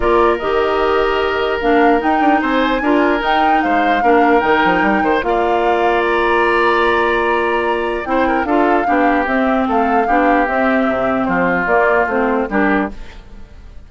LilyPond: <<
  \new Staff \with { instrumentName = "flute" } { \time 4/4 \tempo 4 = 149 d''4 dis''2. | f''4 g''4 gis''2 | g''4 f''2 g''4~ | g''4 f''2 ais''4~ |
ais''1 | g''4 f''2 e''4 | f''2 e''2 | c''4 d''4 c''4 ais'4 | }
  \new Staff \with { instrumentName = "oboe" } { \time 4/4 ais'1~ | ais'2 c''4 ais'4~ | ais'4 c''4 ais'2~ | ais'8 c''8 d''2.~ |
d''1 | c''8 ais'8 a'4 g'2 | a'4 g'2. | f'2. g'4 | }
  \new Staff \with { instrumentName = "clarinet" } { \time 4/4 f'4 g'2. | d'4 dis'2 f'4 | dis'2 d'4 dis'4~ | dis'4 f'2.~ |
f'1 | e'4 f'4 d'4 c'4~ | c'4 d'4 c'2~ | c'4 ais4 c'4 d'4 | }
  \new Staff \with { instrumentName = "bassoon" } { \time 4/4 ais4 dis2. | ais4 dis'8 d'8 c'4 d'4 | dis'4 gis4 ais4 dis8 f8 | g8 dis8 ais2.~ |
ais1 | c'4 d'4 b4 c'4 | a4 b4 c'4 c4 | f4 ais4 a4 g4 | }
>>